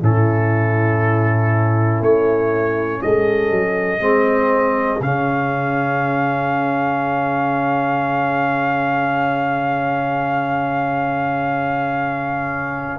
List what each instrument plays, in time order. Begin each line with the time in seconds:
0.00 tuba A2, trombone C#4, horn E4, trumpet A4
2.01 tuba A3, trumpet C#5
3.02 tuba G#3, horn A4, trumpet D#5
3.51 tuba F#3
4.00 tuba G#3, trombone C4, horn G#4
5.01 tuba C#3, trombone C#4, trumpet F5